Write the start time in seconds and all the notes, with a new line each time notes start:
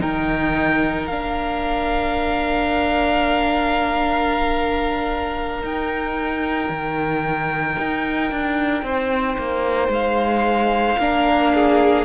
0.00 D#3 D#4 A#4 G5
1.07 A#3 D4 F5
5.63 D#4 G5
6.70 D#3
7.79 D#4
8.32 D4
8.83 C4 C5
9.38 A#3
9.89 G#3 F5
10.99 A#3 D4 A#4
11.54 G#4